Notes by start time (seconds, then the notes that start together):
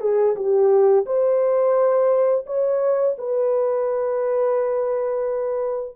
0.00 G#4
0.36 G4
1.06 C5
2.46 C#5
3.18 B4